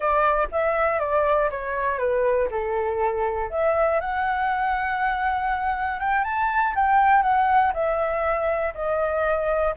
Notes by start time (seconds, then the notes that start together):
0.00 D5
0.51 E5
0.99 D5
1.50 C#5
1.98 B4
2.50 A4
3.50 E5
4.00 F#5
5.99 G5
6.24 A5
6.75 G5
7.22 F#5
7.73 E5
8.74 D#5